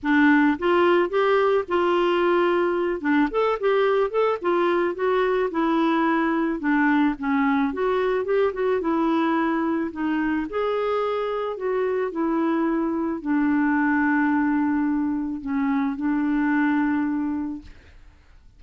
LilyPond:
\new Staff \with { instrumentName = "clarinet" } { \time 4/4 \tempo 4 = 109 d'4 f'4 g'4 f'4~ | f'4. d'8 a'8 g'4 a'8 | f'4 fis'4 e'2 | d'4 cis'4 fis'4 g'8 fis'8 |
e'2 dis'4 gis'4~ | gis'4 fis'4 e'2 | d'1 | cis'4 d'2. | }